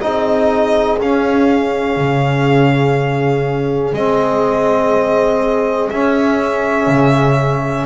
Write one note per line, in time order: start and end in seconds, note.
0.00 1.00 C4
0.00 0.99 D#4
0.00 7.85 G#4
0.00 0.98 D#5
1.00 1.96 C#4
1.00 3.96 C#4
1.00 3.94 F5
1.96 3.92 C#3
3.92 5.89 G#3
3.92 5.92 C4
3.92 5.90 D#5
5.90 6.87 C#4
5.90 7.85 C#4
5.90 7.85 E5
6.87 7.85 C#3